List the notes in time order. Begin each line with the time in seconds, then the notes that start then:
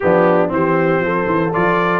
0.00 F3 B3 D4 G4
0.47 E3 C4 C5
0.54 G4
0.99 F3 A4
1.26 E3
1.53 F3 F4 D5